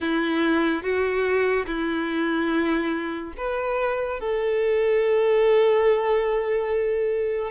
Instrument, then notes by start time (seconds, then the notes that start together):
violin
0.00 E4
0.83 F#4
1.66 E4
3.37 B4
4.20 A4